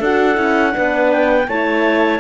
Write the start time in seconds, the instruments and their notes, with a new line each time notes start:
0.00 cello D4, horn F#4, clarinet A4 F#5
0.35 cello C#4, horn E4
0.72 cello B3, horn D4, clarinet B4
1.13 clarinet G5
1.48 cello A3, horn E4, clarinet C#5 A5